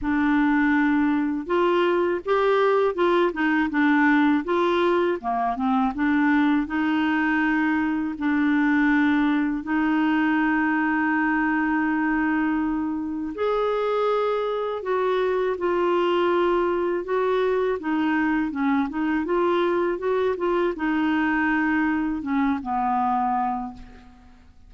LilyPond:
\new Staff \with { instrumentName = "clarinet" } { \time 4/4 \tempo 4 = 81 d'2 f'4 g'4 | f'8 dis'8 d'4 f'4 ais8 c'8 | d'4 dis'2 d'4~ | d'4 dis'2.~ |
dis'2 gis'2 | fis'4 f'2 fis'4 | dis'4 cis'8 dis'8 f'4 fis'8 f'8 | dis'2 cis'8 b4. | }